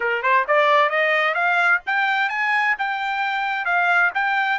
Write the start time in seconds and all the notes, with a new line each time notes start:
0.00 A#4
0.22 C5
0.47 D5
0.89 D#5
1.34 F5
1.86 G5
2.29 G#5
2.78 G5
3.65 F5
4.14 G5